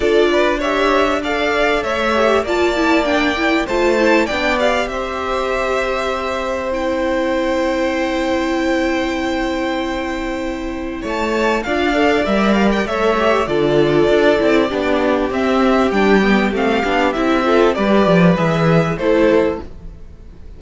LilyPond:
<<
  \new Staff \with { instrumentName = "violin" } { \time 4/4 \tempo 4 = 98 d''4 e''4 f''4 e''4 | a''4 g''4 a''4 g''8 f''8 | e''2. g''4~ | g''1~ |
g''2 a''4 f''4 | e''8 f''16 g''16 e''4 d''2~ | d''4 e''4 g''4 f''4 | e''4 d''4 e''4 c''4 | }
  \new Staff \with { instrumentName = "violin" } { \time 4/4 a'8 b'8 cis''4 d''4 cis''4 | d''2 c''4 d''4 | c''1~ | c''1~ |
c''2 cis''4 d''4~ | d''4 cis''4 a'2 | g'1~ | g'8 a'8 b'2 a'4 | }
  \new Staff \with { instrumentName = "viola" } { \time 4/4 f'4 g'4 a'4. g'8 | f'8 e'8 d'8 e'8 f'8 e'8 d'8 g'8~ | g'2. e'4~ | e'1~ |
e'2. f'8 a'8 | ais'4 a'8 g'8 f'4. e'8 | d'4 c'4 d'8 b8 c'8 d'8 | e'8 f'8 g'4 gis'4 e'4 | }
  \new Staff \with { instrumentName = "cello" } { \time 4/4 d'2. a4 | ais2 a4 b4 | c'1~ | c'1~ |
c'2 a4 d'4 | g4 a4 d4 d'8 c'8 | b4 c'4 g4 a8 b8 | c'4 g8 f8 e4 a4 | }
>>